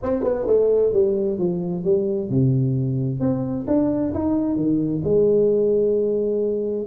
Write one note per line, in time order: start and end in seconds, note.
0.02 0.23 C4
0.23 0.46 B3
0.46 0.92 A3
0.93 1.38 G3
1.38 1.83 F3
1.83 2.29 G3
2.29 3.20 C3
3.20 3.66 C4
3.67 4.13 D4
4.14 4.56 D#4
4.56 5.01 D#3
5.03 6.86 G#3